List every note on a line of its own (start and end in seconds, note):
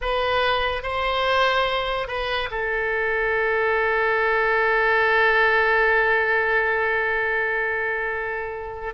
0.01 0.82 B4
0.82 2.07 C5
2.07 2.49 B4
2.50 8.94 A4